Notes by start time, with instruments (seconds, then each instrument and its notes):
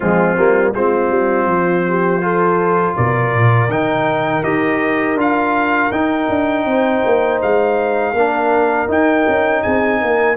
0.00 tuba F3, trombone G#3, horn C4, trumpet F4
0.37 tuba G3, trombone A#3
0.74 tuba G#3, trombone C4, horn F4, trumpet C5
1.10 tuba G3
1.45 tuba F3
1.88 horn G4
2.21 trombone F4, horn A4
2.95 tuba B2, horn A#4, trumpet D5
3.34 tuba A#2
3.68 tuba D#3, trombone D#4, trumpet G5
4.43 tuba D#4, trombone G4, trumpet D#5
5.15 tuba D4, trombone F4, trumpet F5
5.91 tuba D#4, trombone D#4, trumpet G5
6.29 tuba D4
6.65 tuba C4, horn C5
7.05 tuba A#3
7.42 tuba G#3, trumpet F5
8.13 tuba A#3, trombone D4, horn A#4
8.88 trombone D#4, tuba D#4, trumpet G5
9.27 tuba C#4
9.62 tuba C4, horn G#4, trumpet G#5
10.01 tuba A#3, horn A#4